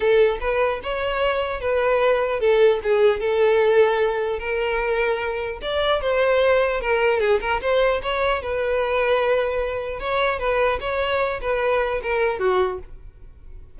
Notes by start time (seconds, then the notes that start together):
0.00 A4
0.40 B4
0.83 C#5
1.60 B4
2.40 A4
2.83 G#4
3.19 A4
4.39 A#4
5.61 D5
6.01 C5
6.80 A#4
7.20 G#4
7.40 A#4
7.61 C5
8.02 C#5
8.42 B4
9.99 C#5
10.39 B4
10.80 C#5
11.41 B4
12.02 A#4
12.39 F#4